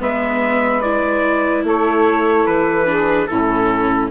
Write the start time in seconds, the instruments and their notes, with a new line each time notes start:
0.00 bassoon G#3, viola B3, saxophone B4, trumpet E5
0.82 viola E4, trumpet D5
1.64 bassoon A3, saxophone A4, trumpet C#5
2.46 bassoon E3, trumpet B4
2.86 viola D4, saxophone G#4
3.27 bassoon A2, viola C#4, saxophone E4, trumpet A4